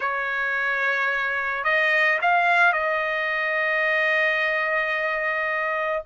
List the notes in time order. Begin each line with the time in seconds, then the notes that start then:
0.00 C#5
1.64 D#5
2.21 F5
2.72 D#5